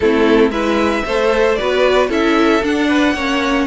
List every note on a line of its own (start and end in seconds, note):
0.00 0.49 A3
0.00 0.51 C4
0.00 0.51 E4
0.00 0.51 A4
0.49 1.02 G#3
0.49 1.04 E4
0.49 1.04 B4
0.49 1.55 E5
1.05 1.58 A3
1.05 1.58 A4
1.05 1.58 C5
1.55 2.09 B3
1.55 2.09 F#4
1.55 2.08 B4
1.55 2.07 D5
2.08 2.62 C#4
2.08 2.61 E4
2.08 2.87 A4
2.08 2.64 E5
2.63 3.14 D4
2.63 3.15 D4
2.63 3.66 F#5
2.88 3.14 B4
3.14 3.66 A#3
3.14 3.66 C#4
3.14 3.66 C#5